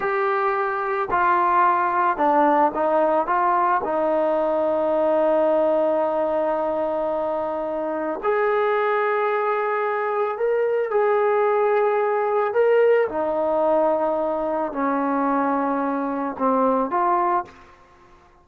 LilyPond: \new Staff \with { instrumentName = "trombone" } { \time 4/4 \tempo 4 = 110 g'2 f'2 | d'4 dis'4 f'4 dis'4~ | dis'1~ | dis'2. gis'4~ |
gis'2. ais'4 | gis'2. ais'4 | dis'2. cis'4~ | cis'2 c'4 f'4 | }